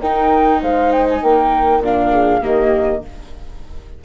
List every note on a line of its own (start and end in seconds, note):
0.00 0.62 D#4
0.00 1.83 D#4
0.00 0.60 A#4
0.00 0.61 G5
0.62 1.22 G#3
0.62 1.22 C5
0.62 0.92 F5
0.92 1.07 G5
1.10 1.23 G#5
1.23 1.80 A#3
1.23 2.12 A#4
1.23 1.83 G5
1.80 2.40 A#2
1.80 2.41 D4
1.80 2.44 F5
2.12 2.42 G#4
2.41 3.02 D#3
2.41 3.01 A#3
2.41 3.02 G4
2.41 3.04 D#5